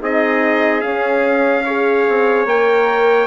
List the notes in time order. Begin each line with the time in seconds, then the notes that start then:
0.00 C4 D#4 G#4 D#5
0.81 C#4 F5
1.65 G#4 C#5
2.08 C4
2.46 A#3 A#4 G5